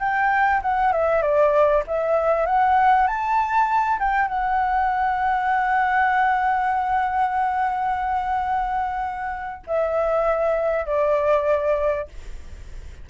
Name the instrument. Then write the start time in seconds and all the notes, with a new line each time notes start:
flute
0.00 G5
0.62 F#5
0.92 E5
1.22 D5
1.87 E5
2.46 F#5
3.07 A5
3.99 G5
4.28 F#5
9.67 E5
10.86 D5